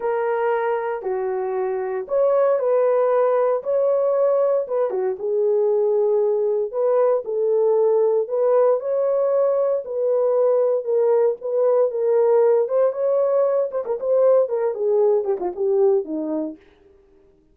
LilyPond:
\new Staff \with { instrumentName = "horn" } { \time 4/4 \tempo 4 = 116 ais'2 fis'2 | cis''4 b'2 cis''4~ | cis''4 b'8 fis'8 gis'2~ | gis'4 b'4 a'2 |
b'4 cis''2 b'4~ | b'4 ais'4 b'4 ais'4~ | ais'8 c''8 cis''4. c''16 ais'16 c''4 | ais'8 gis'4 g'16 f'16 g'4 dis'4 | }